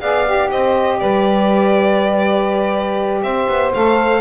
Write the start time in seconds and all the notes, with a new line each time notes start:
0.00 B3 G#4 D5 F5
0.26 G4
0.50 C4 C5 D#5
0.99 G3 B4 D5
3.22 C4 C5 E5
3.48 B3
3.74 A3 A4 F5